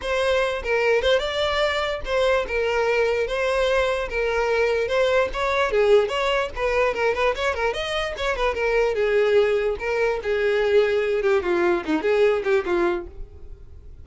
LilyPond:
\new Staff \with { instrumentName = "violin" } { \time 4/4 \tempo 4 = 147 c''4. ais'4 c''8 d''4~ | d''4 c''4 ais'2 | c''2 ais'2 | c''4 cis''4 gis'4 cis''4 |
b'4 ais'8 b'8 cis''8 ais'8 dis''4 | cis''8 b'8 ais'4 gis'2 | ais'4 gis'2~ gis'8 g'8 | f'4 dis'8 gis'4 g'8 f'4 | }